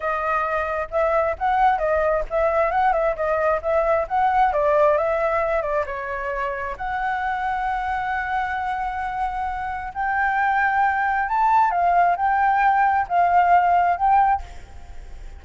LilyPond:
\new Staff \with { instrumentName = "flute" } { \time 4/4 \tempo 4 = 133 dis''2 e''4 fis''4 | dis''4 e''4 fis''8 e''8 dis''4 | e''4 fis''4 d''4 e''4~ | e''8 d''8 cis''2 fis''4~ |
fis''1~ | fis''2 g''2~ | g''4 a''4 f''4 g''4~ | g''4 f''2 g''4 | }